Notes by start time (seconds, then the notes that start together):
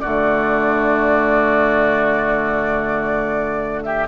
0.00 D3 A3 F#4 D5
3.83 G4 E5